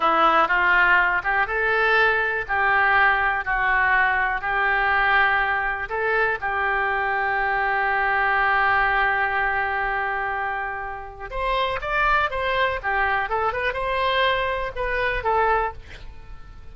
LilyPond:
\new Staff \with { instrumentName = "oboe" } { \time 4/4 \tempo 4 = 122 e'4 f'4. g'8 a'4~ | a'4 g'2 fis'4~ | fis'4 g'2. | a'4 g'2.~ |
g'1~ | g'2. c''4 | d''4 c''4 g'4 a'8 b'8 | c''2 b'4 a'4 | }